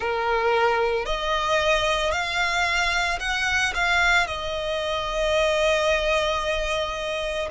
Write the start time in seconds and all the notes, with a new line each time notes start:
0.00 A#4
1.05 D#5
2.11 F5
3.19 F#5
3.74 F5
4.27 D#5